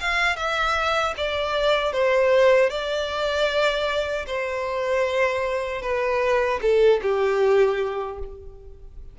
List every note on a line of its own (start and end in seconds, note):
0.00 0.36 F5
0.36 1.14 E5
1.17 1.93 D5
1.93 2.70 C5
2.70 4.25 D5
4.26 5.82 C5
5.82 6.60 B4
6.62 7.01 A4
7.02 8.19 G4